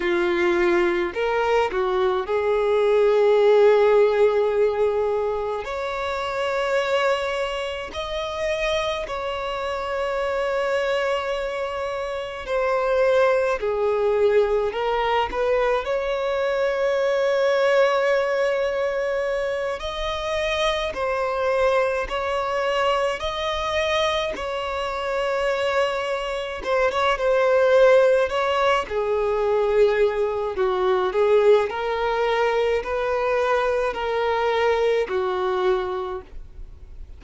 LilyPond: \new Staff \with { instrumentName = "violin" } { \time 4/4 \tempo 4 = 53 f'4 ais'8 fis'8 gis'2~ | gis'4 cis''2 dis''4 | cis''2. c''4 | gis'4 ais'8 b'8 cis''2~ |
cis''4. dis''4 c''4 cis''8~ | cis''8 dis''4 cis''2 c''16 cis''16 | c''4 cis''8 gis'4. fis'8 gis'8 | ais'4 b'4 ais'4 fis'4 | }